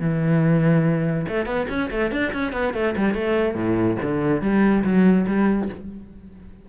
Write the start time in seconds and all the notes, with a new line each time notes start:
0.00 E3
1.28 A3
1.46 B3
1.69 C#4
1.91 A3
2.12 D4
2.33 C#4
2.53 B3
2.74 A3
2.97 G3
3.14 A3
3.55 A2
4.02 D3
4.41 G3
4.84 F#3
5.27 G3